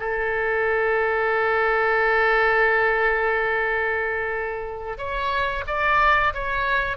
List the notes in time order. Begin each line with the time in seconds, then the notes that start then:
0.00 A4
4.98 C#5
5.67 D5
6.34 C#5